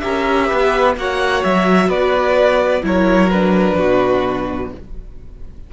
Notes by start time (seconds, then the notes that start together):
0.00 C#4 G4 A#4 E5
0.47 B3 B4
0.97 A#3 F#4 C#5 F#5
1.44 F#3 E5
1.89 B3 B4 D5
2.83 F#3 E4 A#4 C#5
3.30 D4 B4
3.78 B2 F#4